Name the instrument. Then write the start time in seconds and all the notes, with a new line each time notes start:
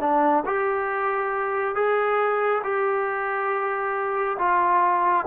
trombone
0.00 D4
0.45 G4
1.75 G#4
2.63 G4
4.38 F4